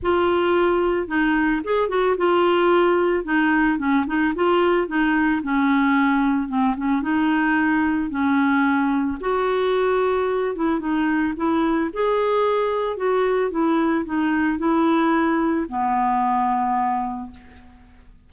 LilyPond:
\new Staff \with { instrumentName = "clarinet" } { \time 4/4 \tempo 4 = 111 f'2 dis'4 gis'8 fis'8 | f'2 dis'4 cis'8 dis'8 | f'4 dis'4 cis'2 | c'8 cis'8 dis'2 cis'4~ |
cis'4 fis'2~ fis'8 e'8 | dis'4 e'4 gis'2 | fis'4 e'4 dis'4 e'4~ | e'4 b2. | }